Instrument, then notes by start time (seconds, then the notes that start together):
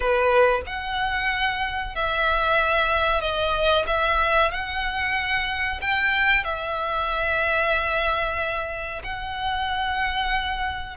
violin
0.00 B4
0.66 F#5
1.95 E5
3.20 D#5
3.87 E5
4.51 F#5
5.81 G5
6.43 E5
9.03 F#5